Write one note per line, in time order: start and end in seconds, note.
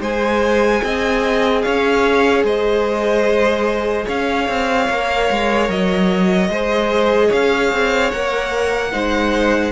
0.00 0.81 G#3
0.00 4.89 G#4
0.00 0.81 C5
0.00 1.62 G#5
0.83 1.64 C4
0.83 1.65 D#5
1.62 2.43 C#4
1.62 2.45 C#5
1.62 2.43 F5
2.43 4.05 G#3
2.43 4.06 C5
2.43 4.08 D#5
4.06 4.48 C#4
4.06 6.49 C#5
4.06 5.70 F5
4.48 4.89 C4
4.89 5.30 A#3
4.89 6.50 A#4
5.30 5.68 G#3
5.68 6.49 F#3
5.68 7.32 D#5
6.49 7.30 G#3
6.49 8.12 G#4
6.49 7.27 C5
7.27 7.72 C#4
7.27 8.89 C#5
7.27 8.11 F5
7.72 8.12 C4
8.11 8.93 A#3
8.11 8.92 A#4
8.11 9.72 F#5
8.92 9.72 G#3
8.92 9.72 D#4
8.92 9.72 C5